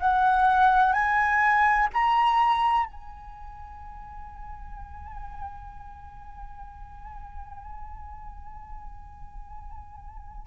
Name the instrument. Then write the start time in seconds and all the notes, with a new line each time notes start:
flute
0.00 F#5
0.93 G#5
1.94 A#5
2.87 G#5